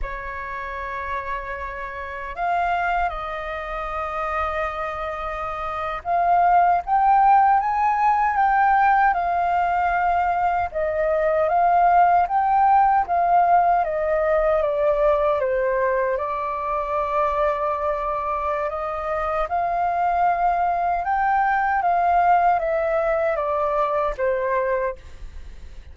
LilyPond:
\new Staff \with { instrumentName = "flute" } { \time 4/4 \tempo 4 = 77 cis''2. f''4 | dis''2.~ dis''8. f''16~ | f''8. g''4 gis''4 g''4 f''16~ | f''4.~ f''16 dis''4 f''4 g''16~ |
g''8. f''4 dis''4 d''4 c''16~ | c''8. d''2.~ d''16 | dis''4 f''2 g''4 | f''4 e''4 d''4 c''4 | }